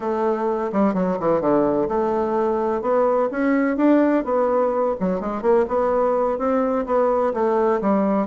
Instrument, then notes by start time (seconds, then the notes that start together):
bassoon
0.00 A3
0.72 G3
0.94 F#3
1.19 E3
1.40 D3
1.88 A3
2.81 B3
3.31 C#4
3.77 D4
4.24 B3
4.99 F#3
5.20 G#3
5.42 A#3
5.68 B3
6.38 C4
6.85 B3
7.33 A3
7.81 G3